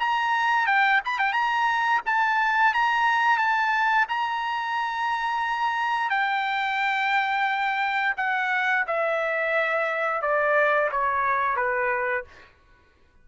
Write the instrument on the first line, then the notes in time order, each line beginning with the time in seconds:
trumpet
0.00 A#5
0.67 G5
1.05 B5
1.19 G5
1.33 A#5
2.06 A5
2.74 A#5
3.38 A5
4.09 A#5
6.10 G5
8.17 F#5
8.87 E5
10.22 D5
10.92 C#5
11.56 B4